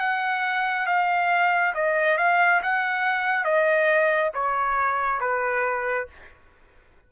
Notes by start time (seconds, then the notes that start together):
0.00 F#5
0.87 F5
1.75 D#5
2.18 F5
2.62 F#5
3.44 D#5
4.34 C#5
5.21 B4